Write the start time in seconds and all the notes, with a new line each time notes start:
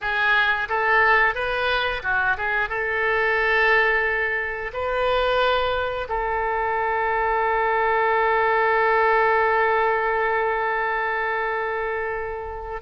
0.01 G#4
0.68 A4
1.35 B4
2.03 F#4
2.37 G#4
2.69 A4
4.73 B4
6.09 A4